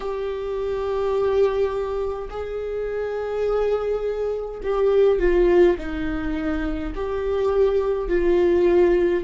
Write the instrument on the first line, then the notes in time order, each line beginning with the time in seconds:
viola
0.00 G4
2.30 G#4
4.63 G4
5.19 F4
5.77 D#4
6.95 G4
8.08 F4